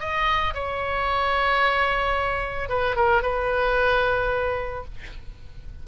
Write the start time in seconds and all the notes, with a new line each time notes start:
0.00 D#5
0.54 C#5
2.69 B4
2.96 A#4
3.22 B4